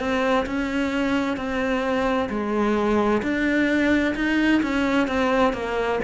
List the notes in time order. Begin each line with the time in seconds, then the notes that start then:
0.00 C4
0.47 C#4
1.37 C4
2.30 G#3
3.23 D4
4.16 D#4
4.63 C#4
5.08 C4
5.54 A#3